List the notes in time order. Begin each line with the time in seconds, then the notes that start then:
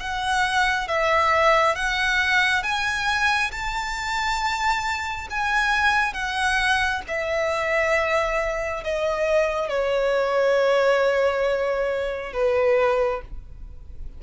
0.00 F#5
0.88 E5
1.76 F#5
2.63 G#5
3.51 A5
5.30 G#5
6.14 F#5
7.08 E5
8.84 D#5
9.69 C#5
12.33 B4